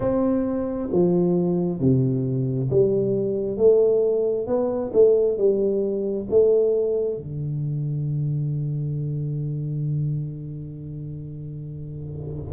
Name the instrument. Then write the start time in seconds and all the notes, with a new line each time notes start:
tuba
0.00 C4
0.92 F3
1.80 C3
2.70 G3
3.57 A3
4.47 B3
4.93 A3
5.37 G3
6.30 A3
7.16 D3